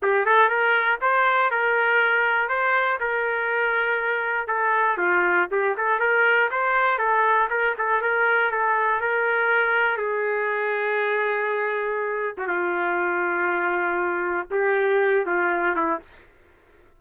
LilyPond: \new Staff \with { instrumentName = "trumpet" } { \time 4/4 \tempo 4 = 120 g'8 a'8 ais'4 c''4 ais'4~ | ais'4 c''4 ais'2~ | ais'4 a'4 f'4 g'8 a'8 | ais'4 c''4 a'4 ais'8 a'8 |
ais'4 a'4 ais'2 | gis'1~ | gis'8. fis'16 f'2.~ | f'4 g'4. f'4 e'8 | }